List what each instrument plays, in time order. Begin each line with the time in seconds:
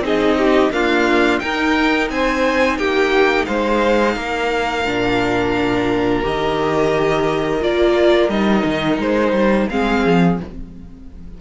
0.00 cello C4, viola D#4, violin G#4 D#5
0.38 violin G4
0.71 viola A#3, cello D4, violin F4 F5
1.39 viola D#4, cello D#4, violin A#4 G5
2.09 cello C4, violin C5 G#5
2.77 cello A#3, violin G4 G5
3.45 cello G#3, violin C5 F5
4.15 cello A#3, violin A#4
4.85 cello A#2, viola D4
6.22 cello D#3, viola G4, violin D#5
7.60 cello A#3, viola F4, violin D5
8.28 cello G3, viola D#4, violin D#5
8.64 cello D#3
8.99 cello G#3, violin C5
9.32 cello G3
9.69 cello G#3, viola C4, violin G#4 F5
10.05 cello F3